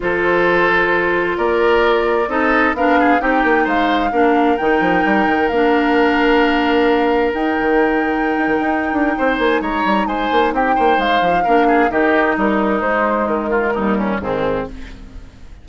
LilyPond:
<<
  \new Staff \with { instrumentName = "flute" } { \time 4/4 \tempo 4 = 131 c''2. d''4~ | d''4 dis''4 f''4 g''4 | f''2 g''2 | f''1 |
g''1~ | g''8 gis''8 ais''4 gis''4 g''4 | f''2 dis''4 ais'4 | c''4 ais'2 gis'4 | }
  \new Staff \with { instrumentName = "oboe" } { \time 4/4 a'2. ais'4~ | ais'4 a'4 ais'8 gis'8 g'4 | c''4 ais'2.~ | ais'1~ |
ais'1 | c''4 cis''4 c''4 g'8 c''8~ | c''4 ais'8 gis'8 g'4 dis'4~ | dis'4. f'8 dis'8 cis'8 c'4 | }
  \new Staff \with { instrumentName = "clarinet" } { \time 4/4 f'1~ | f'4 dis'4 d'4 dis'4~ | dis'4 d'4 dis'2 | d'1 |
dis'1~ | dis'1~ | dis'4 d'4 dis'2 | gis2 g4 dis4 | }
  \new Staff \with { instrumentName = "bassoon" } { \time 4/4 f2. ais4~ | ais4 c'4 b4 c'8 ais8 | gis4 ais4 dis8 f8 g8 dis8 | ais1 |
dis'8 dis4.~ dis16 dis'16 dis16 dis'8. d'8 | c'8 ais8 gis8 g8 gis8 ais8 c'8 ais8 | gis8 f8 ais4 dis4 g4 | gis4 dis4 dis,4 gis,4 | }
>>